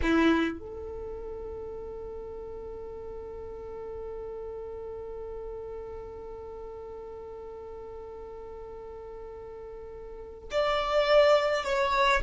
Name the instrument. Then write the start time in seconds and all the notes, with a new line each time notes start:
violin
0.02 E4
0.59 A4
10.51 D5
11.64 C#5